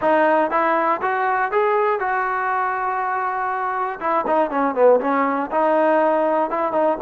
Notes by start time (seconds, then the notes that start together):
0.01 D#4
0.50 E4
1.01 F#4
1.51 G#4
1.99 F#4
4.00 E4
4.26 D#4
4.50 C#4
4.75 B3
5.00 C#4
5.51 D#4
6.50 E4
6.72 D#4